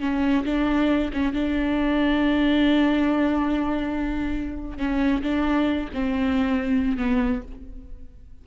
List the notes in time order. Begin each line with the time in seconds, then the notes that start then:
0.00 C#4
0.45 D4
1.13 C#4
1.33 D4
4.78 C#4
5.22 D4
5.94 C4
6.97 B3